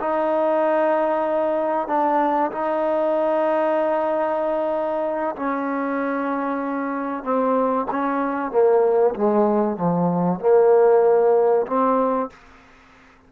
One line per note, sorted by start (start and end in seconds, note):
0.00 1.88 D#4
1.88 2.51 D4
2.52 5.36 D#4
5.36 7.23 C#4
7.23 7.87 C4
7.91 8.51 C#4
8.51 9.15 A#3
9.15 9.77 G#3
9.77 10.40 F3
10.40 11.66 A#3
11.67 12.30 C4